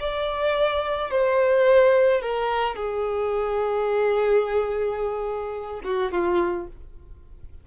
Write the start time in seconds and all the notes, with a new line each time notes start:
0.00 D5
1.11 C5
2.22 A#4
2.76 G#4
5.85 F#4
6.12 F4